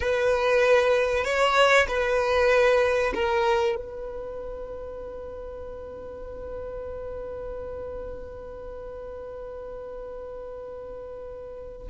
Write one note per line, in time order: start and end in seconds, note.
0.00 1.24 B4
1.24 1.86 C#5
1.88 3.12 B4
3.14 3.75 A#4
3.75 11.88 B4